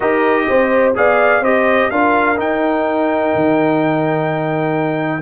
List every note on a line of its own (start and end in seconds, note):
0.00 0.48 D#4
0.00 0.94 G4
0.00 0.46 A#4
0.00 0.93 D#5
0.48 0.96 C4
0.48 0.96 C5
0.94 1.40 B3
0.94 1.42 G#4
0.94 1.42 D5
0.94 1.44 F5
1.40 1.87 C4
1.40 1.91 G4
1.40 1.90 C5
1.40 1.90 D#5
1.90 2.38 D4
1.90 2.36 F4
1.90 5.22 A#4
1.90 2.38 F5
2.36 5.21 D#4
2.36 3.33 D#4
2.36 5.22 G5
3.35 5.22 D#3